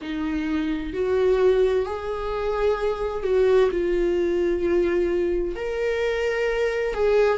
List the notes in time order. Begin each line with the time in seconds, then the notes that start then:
0.01 D#4
0.93 F#4
1.85 G#4
3.23 F#4
3.71 F4
5.55 A#4
6.94 G#4